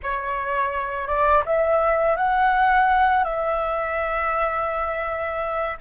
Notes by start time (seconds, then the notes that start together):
0.02 C#5
1.07 D5
1.45 E5
2.16 F#5
3.24 E5